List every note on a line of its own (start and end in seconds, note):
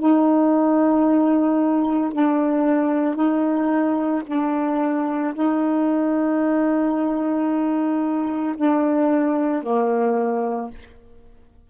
0.00 2.13 D#4
2.13 3.16 D4
3.16 4.23 D#4
4.27 5.34 D4
5.35 8.56 D#4
8.57 9.63 D4
9.63 10.70 A#3